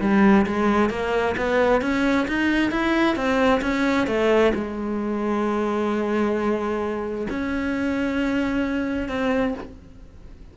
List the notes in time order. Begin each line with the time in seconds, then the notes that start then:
0.00 G3
0.46 G#3
0.89 A#3
1.36 B3
1.81 C#4
2.27 D#4
2.70 E4
3.15 C4
3.61 C#4
4.07 A3
4.54 G#3
7.30 C#4
9.08 C4